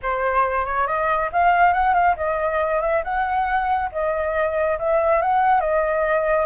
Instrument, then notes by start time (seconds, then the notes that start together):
flute
0.02 C5
0.65 C#5
0.87 D#5
1.32 F5
1.73 F#5
1.93 F5
2.16 D#5
2.81 E5
3.03 F#5
3.92 D#5
4.78 E5
5.21 F#5
5.60 D#5